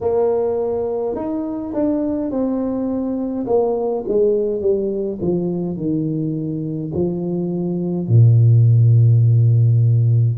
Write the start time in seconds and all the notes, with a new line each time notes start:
0.01 A#3
1.15 D#4
1.73 D4
2.30 C4
3.46 A#3
4.08 G#3
4.61 G3
5.21 F3
5.76 D#3
6.94 F3
8.08 A#2